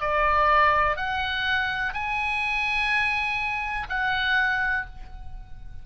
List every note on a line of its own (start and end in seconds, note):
0.00 0.96 D5
0.96 1.93 F#5
1.93 3.87 G#5
3.88 4.85 F#5